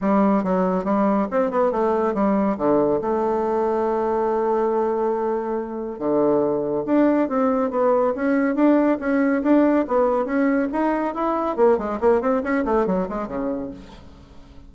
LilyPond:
\new Staff \with { instrumentName = "bassoon" } { \time 4/4 \tempo 4 = 140 g4 fis4 g4 c'8 b8 | a4 g4 d4 a4~ | a1~ | a2 d2 |
d'4 c'4 b4 cis'4 | d'4 cis'4 d'4 b4 | cis'4 dis'4 e'4 ais8 gis8 | ais8 c'8 cis'8 a8 fis8 gis8 cis4 | }